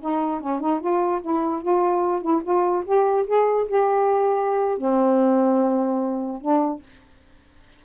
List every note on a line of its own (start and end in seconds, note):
0.00 0.40 D#4
0.40 0.60 C#4
0.60 0.80 D#4
0.80 1.21 F4
1.21 1.62 E4
1.62 2.21 F4
2.21 2.42 E4
2.43 2.84 F4
2.85 3.26 G4
3.26 3.67 G#4
3.68 4.77 G4
4.77 6.41 C4
6.41 6.82 D4